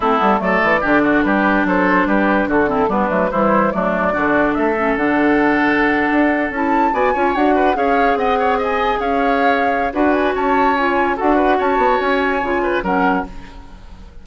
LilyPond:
<<
  \new Staff \with { instrumentName = "flute" } { \time 4/4 \tempo 4 = 145 a'4 d''2 b'4 | c''4 b'4 a'4 b'4 | c''4 d''2 e''4 | fis''2.~ fis''8. a''16~ |
a''8. gis''4 fis''4 f''4 fis''16~ | fis''8. gis''4 f''2~ f''16 | fis''8 gis''8 a''4 gis''4 fis''4 | a''4 gis''2 fis''4 | }
  \new Staff \with { instrumentName = "oboe" } { \time 4/4 e'4 a'4 g'8 fis'8 g'4 | a'4 g'4 fis'8 e'8 d'4 | e'4 d'4 fis'4 a'4~ | a'1~ |
a'8. d''8 cis''4 b'8 cis''4 dis''16~ | dis''16 cis''8 dis''4 cis''2~ cis''16 | b'4 cis''2 a'8 b'8 | cis''2~ cis''8 b'8 ais'4 | }
  \new Staff \with { instrumentName = "clarinet" } { \time 4/4 c'8 b8 a4 d'2~ | d'2~ d'8 c'8 b8 a8 | g4 a4 d'4. cis'8 | d'2.~ d'8. e'16~ |
e'8. fis'8 f'8 fis'4 gis'4~ gis'16~ | gis'1 | fis'2 f'4 fis'4~ | fis'2 f'4 cis'4 | }
  \new Staff \with { instrumentName = "bassoon" } { \time 4/4 a8 g8 fis8 e8 d4 g4 | fis4 g4 d4 g8 fis8 | e4 fis4 d4 a4 | d2~ d8. d'4 cis'16~ |
cis'8. b8 cis'8 d'4 cis'4 c'16~ | c'4.~ c'16 cis'2~ cis'16 | d'4 cis'2 d'4 | cis'8 b8 cis'4 cis4 fis4 | }
>>